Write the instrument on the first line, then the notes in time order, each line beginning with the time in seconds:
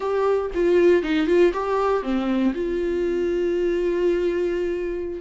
viola
0.00 G4
0.54 F4
1.03 D#4
1.26 F4
1.53 G4
2.02 C4
2.54 F4